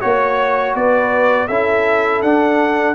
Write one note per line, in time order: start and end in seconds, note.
0.00 0.75 A#3
0.00 1.49 F#4
0.00 0.74 C#5
0.00 0.75 C#5
0.75 1.49 B3
0.75 1.47 B4
0.75 1.48 D5
1.47 2.22 C#4
1.47 2.24 E4
1.47 2.95 A4
1.47 2.22 E5
2.22 2.95 D4
2.22 2.95 F#5